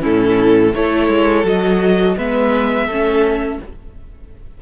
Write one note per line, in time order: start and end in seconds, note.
0.00 0.74 A2
0.00 0.71 C#4
0.00 0.73 E4
0.00 0.75 A4
0.74 1.08 A3
0.74 1.43 E4
0.74 2.16 A4
0.74 1.46 C#5
1.08 1.44 G#3
1.43 2.15 F#3
1.43 2.15 F#4
1.43 2.18 D#5
2.16 2.87 G#3
2.16 2.90 B3
2.16 2.86 B4
2.16 3.61 E5
2.86 3.59 A3
2.86 3.62 C#4
2.86 3.58 A4